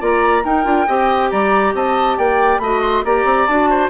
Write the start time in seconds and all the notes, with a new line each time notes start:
0.00 A#3 F4 D5 A#5
0.44 D#4 A#4 G5
0.64 D4 F4
0.88 C4 G4 D#5
1.31 G3 D5 A#5
1.74 C4 D#5 A5
2.18 A#3 D5 G5
2.59 A3 F#4 D#5 B5
2.82 C6
3.05 A#3 G4 D5 A#5
3.25 C4
3.47 D4 F#4 A5
3.70 C5